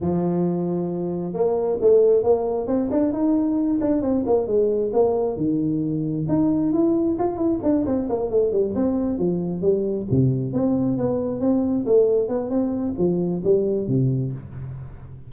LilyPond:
\new Staff \with { instrumentName = "tuba" } { \time 4/4 \tempo 4 = 134 f2. ais4 | a4 ais4 c'8 d'8 dis'4~ | dis'8 d'8 c'8 ais8 gis4 ais4 | dis2 dis'4 e'4 |
f'8 e'8 d'8 c'8 ais8 a8 g8 c'8~ | c'8 f4 g4 c4 c'8~ | c'8 b4 c'4 a4 b8 | c'4 f4 g4 c4 | }